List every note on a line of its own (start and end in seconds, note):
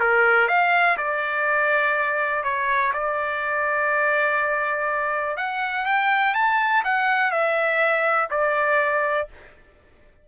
0.00 0.48 A#4
0.48 0.97 F5
0.97 2.43 D5
2.43 2.92 C#5
2.93 5.37 D5
5.37 5.85 F#5
5.85 6.34 G5
6.34 6.83 A5
6.84 7.31 F#5
7.31 8.29 E5
8.30 9.28 D5